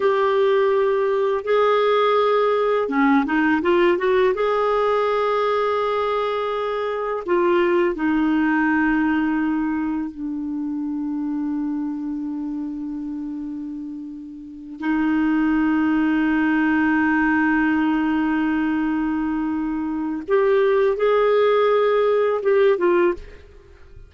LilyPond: \new Staff \with { instrumentName = "clarinet" } { \time 4/4 \tempo 4 = 83 g'2 gis'2 | cis'8 dis'8 f'8 fis'8 gis'2~ | gis'2 f'4 dis'4~ | dis'2 d'2~ |
d'1~ | d'8 dis'2.~ dis'8~ | dis'1 | g'4 gis'2 g'8 f'8 | }